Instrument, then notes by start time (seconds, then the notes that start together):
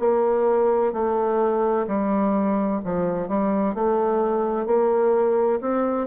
bassoon
0.00 A#3
0.93 A3
1.87 G3
2.84 F3
3.28 G3
3.75 A3
4.66 A#3
5.61 C4